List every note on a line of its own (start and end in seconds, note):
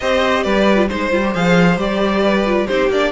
0.00 0.45 C4
0.00 0.75 G4
0.00 0.44 C5
0.00 0.43 D#5
0.43 0.90 G3
0.43 0.88 B4
0.43 0.87 D5
0.75 0.87 F4
0.88 1.12 G#3
0.88 1.11 D#4
0.88 1.33 C5
0.88 2.23 C5
1.11 1.35 G3
1.11 1.22 F4
1.23 1.34 G4
1.34 1.77 F3
1.34 1.77 G#4
1.34 1.79 F5
1.77 2.66 G3
1.77 2.44 G4
1.77 2.67 D5
2.23 2.67 B4
2.45 2.67 F4
2.67 2.88 C4
2.67 2.91 D#4
2.67 3.12 G4
2.67 2.89 C5
2.88 3.11 A#3
2.88 3.12 D4
2.88 3.12 D5